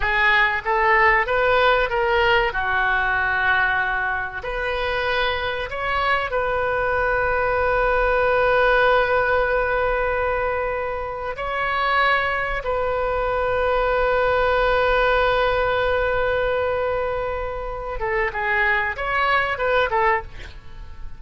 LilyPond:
\new Staff \with { instrumentName = "oboe" } { \time 4/4 \tempo 4 = 95 gis'4 a'4 b'4 ais'4 | fis'2. b'4~ | b'4 cis''4 b'2~ | b'1~ |
b'2 cis''2 | b'1~ | b'1~ | b'8 a'8 gis'4 cis''4 b'8 a'8 | }